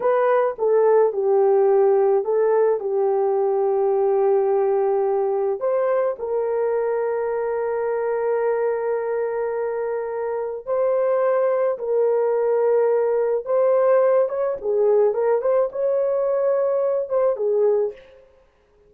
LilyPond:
\new Staff \with { instrumentName = "horn" } { \time 4/4 \tempo 4 = 107 b'4 a'4 g'2 | a'4 g'2.~ | g'2 c''4 ais'4~ | ais'1~ |
ais'2. c''4~ | c''4 ais'2. | c''4. cis''8 gis'4 ais'8 c''8 | cis''2~ cis''8 c''8 gis'4 | }